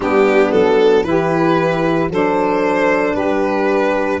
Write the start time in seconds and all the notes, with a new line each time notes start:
0.00 G3 B3 D4 G4
0.51 F#3 A4
1.03 E3 E4 G4 B4
2.09 F#3 D4 A4 C5
3.14 G3 G4 B4